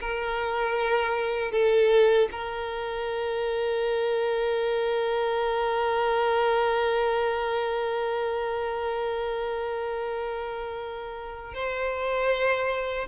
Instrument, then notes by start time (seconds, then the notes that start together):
violin
0.00 A#4
1.51 A4
2.31 A#4
11.53 C5